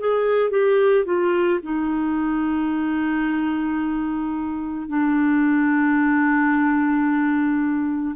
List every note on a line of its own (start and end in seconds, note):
0.00 0.51 G#4
0.51 1.06 G4
1.06 1.60 F4
1.63 4.88 D#4
4.88 8.16 D4